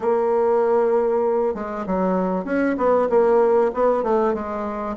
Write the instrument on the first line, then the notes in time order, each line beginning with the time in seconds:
bassoon
0.00 A#3
1.54 G#3
1.86 F#3
2.45 C#4
2.77 B3
3.09 A#3
3.73 B3
4.03 A3
4.34 G#3